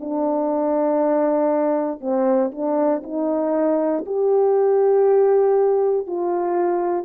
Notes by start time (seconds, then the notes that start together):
0.00 D4
2.01 C4
2.52 D4
3.03 D#4
4.06 G4
6.07 F4